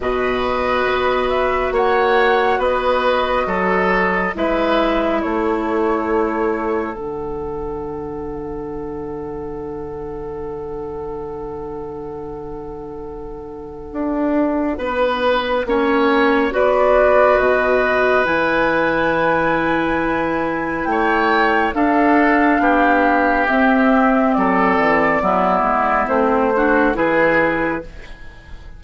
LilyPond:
<<
  \new Staff \with { instrumentName = "flute" } { \time 4/4 \tempo 4 = 69 dis''4. e''8 fis''4 dis''4~ | dis''4 e''4 cis''2 | fis''1~ | fis''1~ |
fis''2. d''4 | dis''4 gis''2. | g''4 f''2 e''4 | d''2 c''4 b'4 | }
  \new Staff \with { instrumentName = "oboe" } { \time 4/4 b'2 cis''4 b'4 | a'4 b'4 a'2~ | a'1~ | a'1~ |
a'4 b'4 cis''4 b'4~ | b'1 | cis''4 a'4 g'2 | a'4 e'4. fis'8 gis'4 | }
  \new Staff \with { instrumentName = "clarinet" } { \time 4/4 fis'1~ | fis'4 e'2. | d'1~ | d'1~ |
d'2 cis'4 fis'4~ | fis'4 e'2.~ | e'4 d'2 c'4~ | c'4 b4 c'8 d'8 e'4 | }
  \new Staff \with { instrumentName = "bassoon" } { \time 4/4 b,4 b4 ais4 b4 | fis4 gis4 a2 | d1~ | d1 |
d'4 b4 ais4 b4 | b,4 e2. | a4 d'4 b4 c'4 | fis8 e8 fis8 gis8 a4 e4 | }
>>